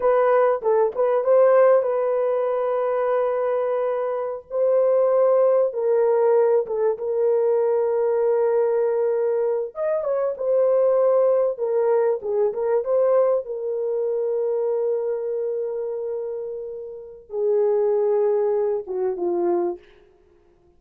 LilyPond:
\new Staff \with { instrumentName = "horn" } { \time 4/4 \tempo 4 = 97 b'4 a'8 b'8 c''4 b'4~ | b'2.~ b'16 c''8.~ | c''4~ c''16 ais'4. a'8 ais'8.~ | ais'2.~ ais'8. dis''16~ |
dis''16 cis''8 c''2 ais'4 gis'16~ | gis'16 ais'8 c''4 ais'2~ ais'16~ | ais'1 | gis'2~ gis'8 fis'8 f'4 | }